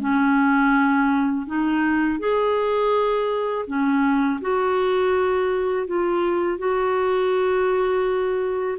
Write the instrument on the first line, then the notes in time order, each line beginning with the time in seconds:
clarinet
0.00 C#4
1.47 D#4
2.19 G#4
3.67 C#4
4.41 F#4
5.87 F4
6.59 F#4